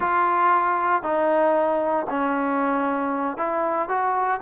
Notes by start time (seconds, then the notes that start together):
0.00 F4
1.03 D#4
2.09 C#4
3.37 E4
3.88 F#4